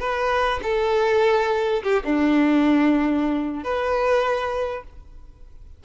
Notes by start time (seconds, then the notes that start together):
0.00 B4
0.63 A4
1.83 G4
2.05 D4
3.64 B4